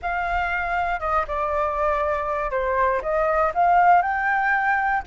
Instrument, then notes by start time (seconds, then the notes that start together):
flute
0.02 F5
0.99 D#5
1.27 D5
2.50 C5
3.02 D#5
3.54 F5
4.02 G5